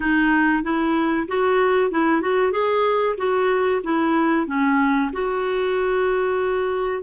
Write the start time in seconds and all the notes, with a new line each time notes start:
0.00 D#4
0.63 E4
1.28 F#4
1.91 E4
2.21 F#4
2.52 G#4
3.17 F#4
3.83 E4
4.47 C#4
5.12 F#4